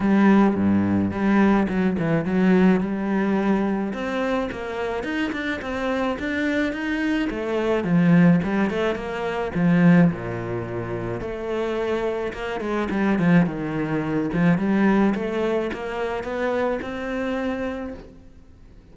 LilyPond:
\new Staff \with { instrumentName = "cello" } { \time 4/4 \tempo 4 = 107 g4 g,4 g4 fis8 e8 | fis4 g2 c'4 | ais4 dis'8 d'8 c'4 d'4 | dis'4 a4 f4 g8 a8 |
ais4 f4 ais,2 | a2 ais8 gis8 g8 f8 | dis4. f8 g4 a4 | ais4 b4 c'2 | }